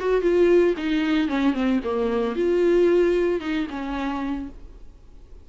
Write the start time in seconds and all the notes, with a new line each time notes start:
0.00 F#4
0.22 F4
0.78 D#4
1.29 C#4
1.54 C4
1.84 A#3
2.36 F4
3.41 D#4
3.70 C#4